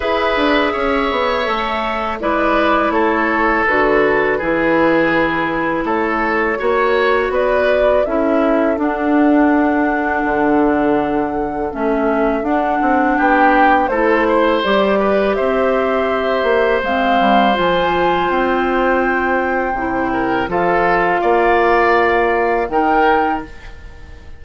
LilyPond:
<<
  \new Staff \with { instrumentName = "flute" } { \time 4/4 \tempo 4 = 82 e''2. d''4 | cis''4 b'2. | cis''2 d''4 e''4 | fis''1 |
e''4 fis''4 g''4 c''4 | d''4 e''2 f''4 | gis''4 g''2. | f''2. g''4 | }
  \new Staff \with { instrumentName = "oboe" } { \time 4/4 b'4 cis''2 b'4 | a'2 gis'2 | a'4 cis''4 b'4 a'4~ | a'1~ |
a'2 g'4 a'8 c''8~ | c''8 b'8 c''2.~ | c''2.~ c''8 ais'8 | a'4 d''2 ais'4 | }
  \new Staff \with { instrumentName = "clarinet" } { \time 4/4 gis'2 a'4 e'4~ | e'4 fis'4 e'2~ | e'4 fis'2 e'4 | d'1 |
cis'4 d'2 e'4 | g'2. c'4 | f'2. e'4 | f'2. dis'4 | }
  \new Staff \with { instrumentName = "bassoon" } { \time 4/4 e'8 d'8 cis'8 b8 a4 gis4 | a4 d4 e2 | a4 ais4 b4 cis'4 | d'2 d2 |
a4 d'8 c'8 b4 a4 | g4 c'4. ais8 gis8 g8 | f4 c'2 c4 | f4 ais2 dis4 | }
>>